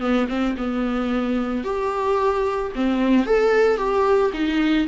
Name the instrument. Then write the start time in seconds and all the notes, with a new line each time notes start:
viola
0.00 B3
0.28 C4
0.57 B3
1.64 G4
2.75 C4
3.26 A4
3.77 G4
4.33 D#4